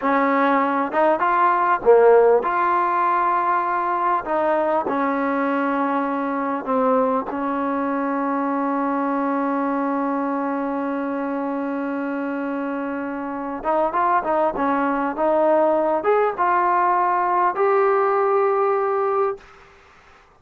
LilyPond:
\new Staff \with { instrumentName = "trombone" } { \time 4/4 \tempo 4 = 99 cis'4. dis'8 f'4 ais4 | f'2. dis'4 | cis'2. c'4 | cis'1~ |
cis'1~ | cis'2~ cis'8 dis'8 f'8 dis'8 | cis'4 dis'4. gis'8 f'4~ | f'4 g'2. | }